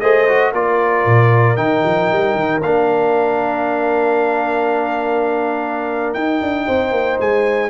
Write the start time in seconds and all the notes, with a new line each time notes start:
0.00 A3 G#4 C5 D#5
0.28 F#4
0.53 A#3 F4 A#4 D5
1.06 A#2
1.56 D#3 D#4 G5
1.85 F3
2.12 G3
2.35 D#3
2.62 A#3 D4 F5
6.14 D#4 G5
6.41 D4
6.66 C4 C5
6.91 A#3
7.20 G#3 G#5